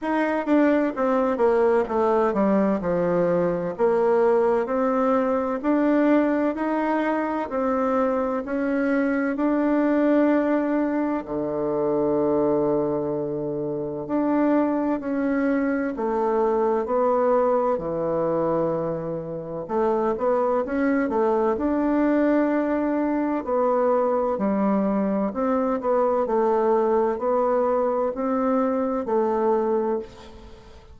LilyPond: \new Staff \with { instrumentName = "bassoon" } { \time 4/4 \tempo 4 = 64 dis'8 d'8 c'8 ais8 a8 g8 f4 | ais4 c'4 d'4 dis'4 | c'4 cis'4 d'2 | d2. d'4 |
cis'4 a4 b4 e4~ | e4 a8 b8 cis'8 a8 d'4~ | d'4 b4 g4 c'8 b8 | a4 b4 c'4 a4 | }